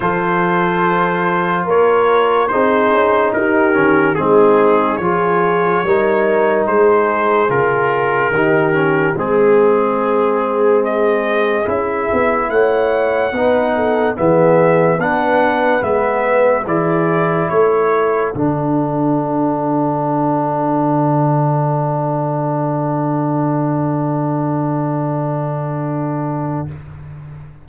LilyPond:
<<
  \new Staff \with { instrumentName = "trumpet" } { \time 4/4 \tempo 4 = 72 c''2 cis''4 c''4 | ais'4 gis'4 cis''2 | c''4 ais'2 gis'4~ | gis'4 dis''4 e''4 fis''4~ |
fis''4 e''4 fis''4 e''4 | d''4 cis''4 fis''2~ | fis''1~ | fis''1 | }
  \new Staff \with { instrumentName = "horn" } { \time 4/4 a'2 ais'4 gis'4 | g'4 dis'4 gis'4 ais'4 | gis'2 g'4 gis'4~ | gis'2. cis''4 |
b'8 a'8 gis'4 b'2 | gis'4 a'2.~ | a'1~ | a'1 | }
  \new Staff \with { instrumentName = "trombone" } { \time 4/4 f'2. dis'4~ | dis'8 cis'8 c'4 f'4 dis'4~ | dis'4 f'4 dis'8 cis'8 c'4~ | c'2 e'2 |
dis'4 b4 d'4 b4 | e'2 d'2~ | d'1~ | d'1 | }
  \new Staff \with { instrumentName = "tuba" } { \time 4/4 f2 ais4 c'8 cis'8 | dis'8 dis8 gis4 f4 g4 | gis4 cis4 dis4 gis4~ | gis2 cis'8 b8 a4 |
b4 e4 b4 gis4 | e4 a4 d2~ | d1~ | d1 | }
>>